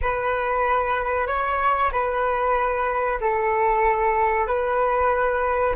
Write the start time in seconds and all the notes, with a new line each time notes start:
0.01 B4
1.27 C#5
1.91 B4
3.21 A4
4.47 B4